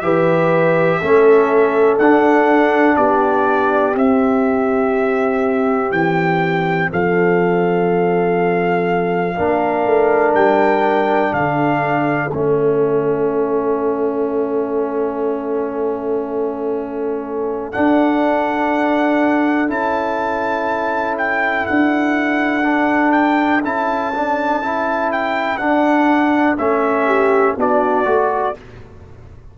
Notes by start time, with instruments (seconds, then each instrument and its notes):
0.00 tuba E3, trombone G4, horn B4, trumpet E5
1.01 tuba A3, trombone C#4, horn A4
1.98 tuba D4, trombone D4, trumpet F#5
2.96 tuba B3, horn G4, trumpet D5
3.93 trombone C4, tuba C4, trumpet E5
5.91 tuba E3, trumpet G5
6.91 tuba F3, horn A4, trumpet F5
9.35 tuba A#3, trombone D4, horn A#4
9.86 tuba A3
10.34 tuba G3, trumpet G5
11.33 tuba D3, horn A4, trumpet F5
12.31 tuba A3, trombone C#4, trumpet E5
17.72 trombone D4, tuba D4, trumpet F#5
19.67 tuba C#4, trombone E4, trumpet A5
21.18 trumpet G5
21.66 tuba D4, trumpet F#5
22.62 trombone D4
23.12 trumpet G5
23.63 tuba C#4, trombone E4, trumpet A5
24.14 trombone D4
24.62 trombone E4
25.12 trumpet G5
25.57 trombone D4, tuba D4, trumpet F#5
26.58 tuba A3, trombone C#4, trumpet E5
27.06 horn G4
27.56 tuba B3, trombone D4, horn F#4, trumpet D5
28.05 tuba A3, trombone F#4